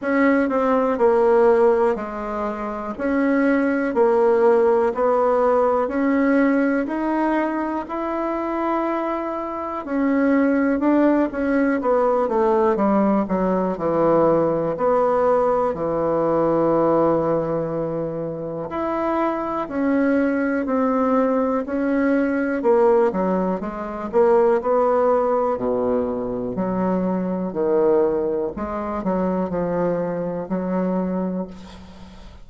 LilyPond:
\new Staff \with { instrumentName = "bassoon" } { \time 4/4 \tempo 4 = 61 cis'8 c'8 ais4 gis4 cis'4 | ais4 b4 cis'4 dis'4 | e'2 cis'4 d'8 cis'8 | b8 a8 g8 fis8 e4 b4 |
e2. e'4 | cis'4 c'4 cis'4 ais8 fis8 | gis8 ais8 b4 b,4 fis4 | dis4 gis8 fis8 f4 fis4 | }